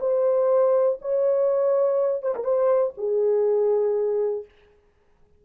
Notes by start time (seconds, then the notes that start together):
0.00 C5
1.01 C#5
2.22 C5
2.35 A#4
2.44 C5
2.97 G#4